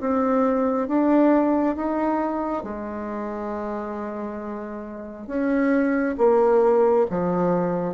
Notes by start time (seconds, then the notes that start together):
0.00 C4
0.87 D4
1.76 D#4
2.64 G#3
5.27 C#4
6.18 A#3
7.10 F3